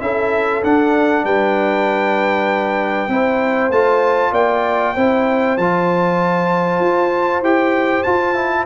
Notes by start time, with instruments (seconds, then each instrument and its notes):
0.00 tuba C#4, trombone E4, horn A4, trumpet E5
0.62 trombone D4, tuba D4, trumpet F#5
1.24 tuba G3, horn B4, trumpet G5
3.08 tuba C4, trombone E4, horn C5
3.70 tuba A3, trombone F4, trumpet A5
4.31 tuba A#3, horn D5, trumpet G5
4.94 tuba C4, trombone E4, horn C5
5.57 tuba F3, trombone F4, trumpet A5
6.80 tuba F4
7.41 tuba E4, trombone G4, trumpet G5
8.03 trombone F4, tuba F4, trumpet A5
8.35 trombone E4